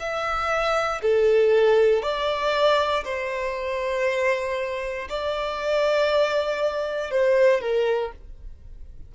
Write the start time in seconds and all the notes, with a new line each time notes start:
0.00 E5
1.02 A4
2.03 D5
3.05 C5
5.10 D5
7.11 C5
7.61 A#4